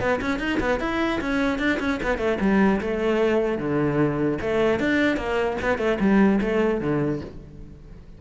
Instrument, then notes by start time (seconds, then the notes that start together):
cello
0.00 B3
0.21 C#4
0.39 D#4
0.60 B3
0.80 E4
1.21 C#4
1.59 D4
1.80 C#4
2.03 B3
2.18 A3
2.41 G3
2.81 A3
3.59 D3
4.41 A3
4.79 D4
5.17 A#3
5.62 B3
5.78 A3
6.00 G3
6.41 A3
6.81 D3